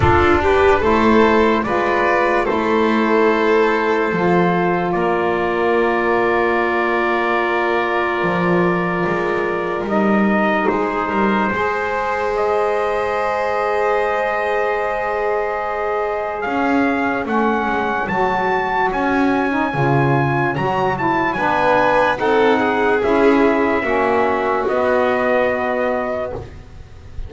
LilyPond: <<
  \new Staff \with { instrumentName = "trumpet" } { \time 4/4 \tempo 4 = 73 a'8 b'8 c''4 d''4 c''4~ | c''2 d''2~ | d''1 | dis''4 c''2 dis''4~ |
dis''1 | f''4 fis''4 a''4 gis''4~ | gis''4 ais''8 a''8 gis''4 fis''4 | e''2 dis''2 | }
  \new Staff \with { instrumentName = "violin" } { \time 4/4 f'8 g'8 a'4 b'4 a'4~ | a'2 ais'2~ | ais'1~ | ais'4 gis'8 ais'8 c''2~ |
c''1 | cis''1~ | cis''2 b'4 a'8 gis'8~ | gis'4 fis'2. | }
  \new Staff \with { instrumentName = "saxophone" } { \time 4/4 d'4 e'4 f'4 e'4~ | e'4 f'2.~ | f'1 | dis'2 gis'2~ |
gis'1~ | gis'4 cis'4 fis'4.~ fis'16 dis'16 | f'4 fis'8 e'8 d'4 dis'4 | e'4 cis'4 b2 | }
  \new Staff \with { instrumentName = "double bass" } { \time 4/4 d'4 a4 gis4 a4~ | a4 f4 ais2~ | ais2 f4 gis4 | g4 gis8 g8 gis2~ |
gis1 | cis'4 a8 gis8 fis4 cis'4 | cis4 fis4 b4 c'4 | cis'4 ais4 b2 | }
>>